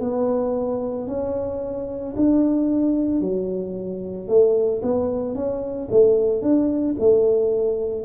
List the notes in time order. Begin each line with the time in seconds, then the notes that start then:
0.00 B3
1.07 C#4
2.16 D4
3.20 F#3
4.28 A3
4.82 B3
5.35 C#4
5.91 A3
6.41 D4
6.99 A3